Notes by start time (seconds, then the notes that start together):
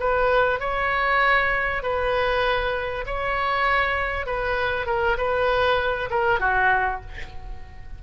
0.00 B4
0.60 C#5
1.83 B4
3.07 C#5
4.27 B4
4.87 A#4
5.18 B4
6.11 A#4
6.40 F#4